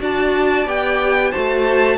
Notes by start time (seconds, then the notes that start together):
0.00 D4 F#4 D5 A5
0.66 B3 G4 G5
1.31 A3 F#4 C5 A5